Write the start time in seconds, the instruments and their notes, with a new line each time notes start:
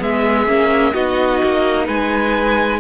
0.00 cello G#3, viola B3, violin G#4 E5
0.47 cello A#3, viola C#4
0.93 cello B3, viola D#4, violin F#4 D#5
1.44 cello A#3
1.86 cello G#3, violin B4 G#5